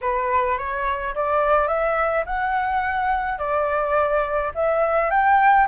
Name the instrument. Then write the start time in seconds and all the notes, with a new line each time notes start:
flute
0.01 B4
0.57 C#5
1.14 D5
1.67 E5
2.25 F#5
3.38 D5
4.55 E5
5.10 G5